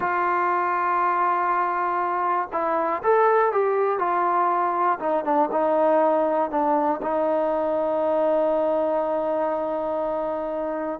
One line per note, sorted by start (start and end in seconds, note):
0.00 2.48 F4
2.52 3.02 E4
3.02 3.52 A4
3.52 3.98 G4
3.98 4.98 F4
4.99 5.24 D#4
5.24 5.49 D4
5.51 6.50 D#4
6.50 7.00 D4
7.02 10.99 D#4